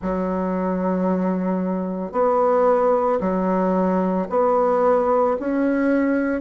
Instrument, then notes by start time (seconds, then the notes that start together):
bassoon
0.01 F#3
2.12 B3
3.20 F#3
4.29 B3
5.39 C#4